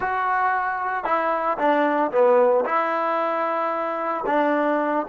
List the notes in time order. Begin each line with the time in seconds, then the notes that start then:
0.00 F#4
1.04 E4
1.58 D4
2.11 B3
2.65 E4
4.26 D4